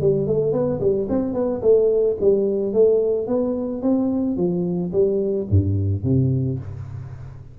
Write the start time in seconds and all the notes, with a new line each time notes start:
0.00 G3
0.26 A3
0.52 B3
0.80 G3
1.09 C4
1.33 B3
1.61 A3
2.20 G3
2.73 A3
3.27 B3
3.82 C4
4.37 F3
4.92 G3
5.50 G2
6.03 C3